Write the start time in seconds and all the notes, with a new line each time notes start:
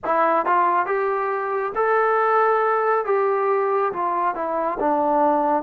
0.04 E4
0.45 F4
0.85 G4
1.75 A4
3.05 G4
3.92 F4
4.34 E4
4.79 D4